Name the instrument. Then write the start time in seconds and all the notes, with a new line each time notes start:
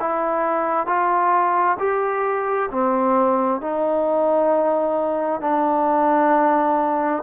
trombone
0.00 E4
0.86 F4
1.79 G4
2.71 C4
3.61 D#4
5.41 D4